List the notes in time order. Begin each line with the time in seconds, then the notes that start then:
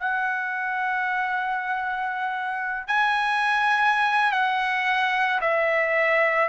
0.00 F#5
2.88 G#5
4.32 F#5
5.42 E5